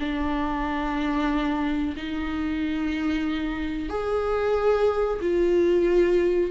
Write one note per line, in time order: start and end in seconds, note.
0.00 1.96 D4
1.97 3.90 D#4
3.90 5.20 G#4
5.21 6.51 F4